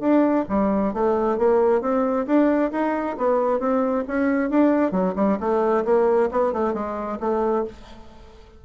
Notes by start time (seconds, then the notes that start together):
0.00 D4
0.49 G3
0.94 A3
1.38 A#3
1.82 C4
2.27 D4
2.72 D#4
3.18 B3
3.60 C4
4.08 C#4
4.50 D4
4.92 F#3
5.16 G3
5.40 A3
5.85 A#3
6.32 B3
6.53 A3
6.74 G#3
7.20 A3